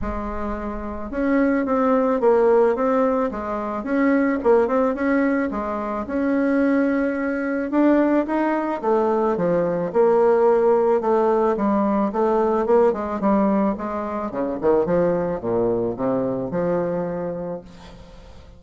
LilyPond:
\new Staff \with { instrumentName = "bassoon" } { \time 4/4 \tempo 4 = 109 gis2 cis'4 c'4 | ais4 c'4 gis4 cis'4 | ais8 c'8 cis'4 gis4 cis'4~ | cis'2 d'4 dis'4 |
a4 f4 ais2 | a4 g4 a4 ais8 gis8 | g4 gis4 cis8 dis8 f4 | ais,4 c4 f2 | }